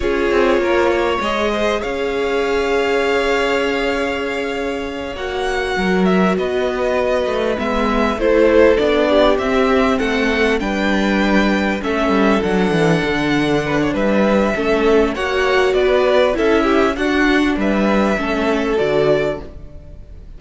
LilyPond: <<
  \new Staff \with { instrumentName = "violin" } { \time 4/4 \tempo 4 = 99 cis''2 dis''4 f''4~ | f''1~ | f''8 fis''4. e''8 dis''4.~ | dis''8 e''4 c''4 d''4 e''8~ |
e''8 fis''4 g''2 e''8~ | e''8 fis''2~ fis''8 e''4~ | e''4 fis''4 d''4 e''4 | fis''4 e''2 d''4 | }
  \new Staff \with { instrumentName = "violin" } { \time 4/4 gis'4 ais'8 cis''4 c''8 cis''4~ | cis''1~ | cis''4. ais'4 b'4.~ | b'4. a'4. g'4~ |
g'8 a'4 b'2 a'8~ | a'2~ a'8 b'16 cis''16 b'4 | a'4 cis''4 b'4 a'8 g'8 | fis'4 b'4 a'2 | }
  \new Staff \with { instrumentName = "viola" } { \time 4/4 f'2 gis'2~ | gis'1~ | gis'8 fis'2.~ fis'8~ | fis'8 b4 e'4 d'4 c'8~ |
c'4. d'2 cis'8~ | cis'8 d'2.~ d'8 | cis'4 fis'2 e'4 | d'2 cis'4 fis'4 | }
  \new Staff \with { instrumentName = "cello" } { \time 4/4 cis'8 c'8 ais4 gis4 cis'4~ | cis'1~ | cis'8 ais4 fis4 b4. | a8 gis4 a4 b4 c'8~ |
c'8 a4 g2 a8 | g8 fis8 e8 d4. g4 | a4 ais4 b4 cis'4 | d'4 g4 a4 d4 | }
>>